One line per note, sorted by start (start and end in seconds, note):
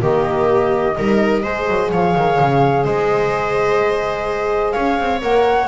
0.00 0.96 D#3
0.00 0.94 A#3
0.00 0.96 G4
0.00 1.91 D#5
0.96 1.45 G3
0.96 1.43 D#4
0.96 1.43 A#4
1.43 1.68 G#3
1.43 5.20 G#4
1.43 1.90 C5
1.68 1.91 F#3
1.91 2.15 F3
1.91 2.85 C#5
1.91 2.85 F5
2.16 2.39 D#3
2.40 2.85 C#3
2.85 4.74 G#3
2.85 4.73 C5
2.85 4.72 D#5
4.72 4.99 C#4
4.72 5.68 C#5
4.72 5.19 F5
4.99 5.22 C4
5.21 5.68 A#3
5.21 5.68 A#4
5.21 5.68 F#5